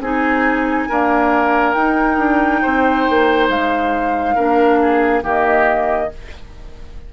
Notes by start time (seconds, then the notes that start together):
0.00 C4 D#4 G#4 G#5
0.89 A#3 D4 A#4
1.74 D#4 G5
2.18 D4
2.62 C4 C5
3.10 A#3
3.49 G#3 F5
4.35 A#3 D4 A#4
4.82 G#4
5.22 D#3 A#3 G4 D#5